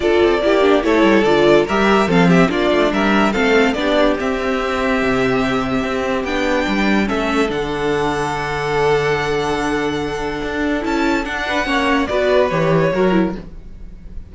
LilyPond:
<<
  \new Staff \with { instrumentName = "violin" } { \time 4/4 \tempo 4 = 144 d''2 cis''4 d''4 | e''4 f''8 e''8 d''4 e''4 | f''4 d''4 e''2~ | e''2. g''4~ |
g''4 e''4 fis''2~ | fis''1~ | fis''2 a''4 fis''4~ | fis''4 d''4 cis''2 | }
  \new Staff \with { instrumentName = "violin" } { \time 4/4 a'4 g'4 a'2 | ais'4 a'8 g'8 f'4 ais'4 | a'4 g'2.~ | g'1 |
b'4 a'2.~ | a'1~ | a'2.~ a'8 b'8 | cis''4 b'2 ais'4 | }
  \new Staff \with { instrumentName = "viola" } { \time 4/4 f'4 e'8 d'8 e'4 f'4 | g'4 c'4 d'2 | c'4 d'4 c'2~ | c'2. d'4~ |
d'4 cis'4 d'2~ | d'1~ | d'2 e'4 d'4 | cis'4 fis'4 g'4 fis'8 e'8 | }
  \new Staff \with { instrumentName = "cello" } { \time 4/4 d'8 c'8 ais4 a8 g8 d4 | g4 f4 ais8 a8 g4 | a4 b4 c'2 | c2 c'4 b4 |
g4 a4 d2~ | d1~ | d4 d'4 cis'4 d'4 | ais4 b4 e4 fis4 | }
>>